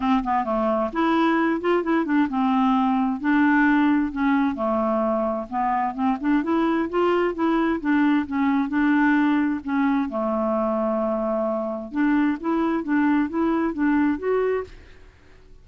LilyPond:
\new Staff \with { instrumentName = "clarinet" } { \time 4/4 \tempo 4 = 131 c'8 b8 a4 e'4. f'8 | e'8 d'8 c'2 d'4~ | d'4 cis'4 a2 | b4 c'8 d'8 e'4 f'4 |
e'4 d'4 cis'4 d'4~ | d'4 cis'4 a2~ | a2 d'4 e'4 | d'4 e'4 d'4 fis'4 | }